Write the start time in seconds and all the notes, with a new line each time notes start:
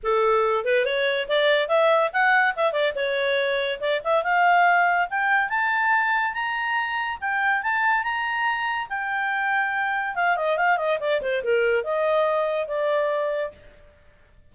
0.03 A4
0.65 B4
0.85 C#5
1.28 D5
1.68 E5
2.13 F#5
2.56 E5
2.72 D5
2.95 C#5
3.80 D5
4.04 E5
4.23 F5
5.10 G5
5.49 A5
6.33 A#5
7.20 G5
7.63 A5
8.03 A#5
8.89 G5
10.15 F5
10.36 D#5
10.57 F5
10.77 D#5
11.00 D5
11.21 C5
11.43 A#4
11.83 D#5
12.67 D5